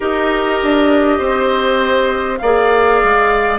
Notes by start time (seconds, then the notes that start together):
0.00 D#4 G4 A#4 D#5
0.62 D4
1.18 C4 C5
2.38 A#3 G#4 D5 F5
3.03 G#3